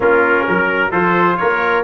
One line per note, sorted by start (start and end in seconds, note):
0.00 0.47 A#3
0.00 0.91 C#4
0.00 0.47 F4
0.00 0.92 A#4
0.48 0.92 F#3
0.48 0.91 A#4
0.91 1.38 F3
0.91 1.83 F4
0.91 1.37 A4
0.91 1.36 C5
1.36 1.83 A#3
1.36 1.83 A#4
1.36 1.83 C#5